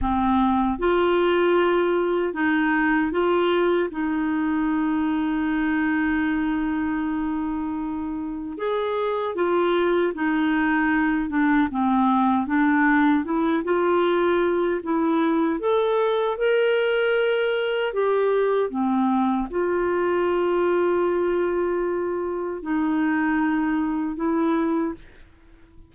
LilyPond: \new Staff \with { instrumentName = "clarinet" } { \time 4/4 \tempo 4 = 77 c'4 f'2 dis'4 | f'4 dis'2.~ | dis'2. gis'4 | f'4 dis'4. d'8 c'4 |
d'4 e'8 f'4. e'4 | a'4 ais'2 g'4 | c'4 f'2.~ | f'4 dis'2 e'4 | }